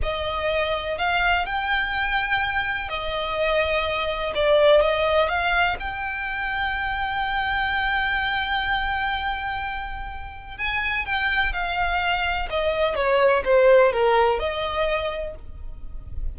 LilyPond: \new Staff \with { instrumentName = "violin" } { \time 4/4 \tempo 4 = 125 dis''2 f''4 g''4~ | g''2 dis''2~ | dis''4 d''4 dis''4 f''4 | g''1~ |
g''1~ | g''2 gis''4 g''4 | f''2 dis''4 cis''4 | c''4 ais'4 dis''2 | }